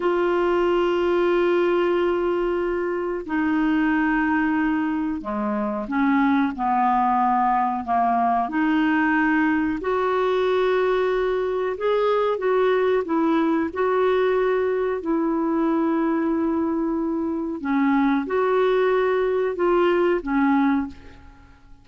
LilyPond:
\new Staff \with { instrumentName = "clarinet" } { \time 4/4 \tempo 4 = 92 f'1~ | f'4 dis'2. | gis4 cis'4 b2 | ais4 dis'2 fis'4~ |
fis'2 gis'4 fis'4 | e'4 fis'2 e'4~ | e'2. cis'4 | fis'2 f'4 cis'4 | }